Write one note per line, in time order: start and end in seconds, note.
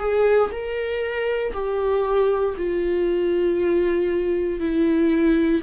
0.00 0.51 G#4
0.51 1.53 A#4
1.53 2.55 G4
2.57 4.60 F4
4.60 5.62 E4